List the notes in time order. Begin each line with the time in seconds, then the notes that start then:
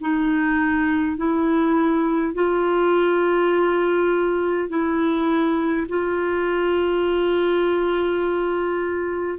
0.00 D#4
1.17 E4
2.34 F4
4.68 E4
5.88 F4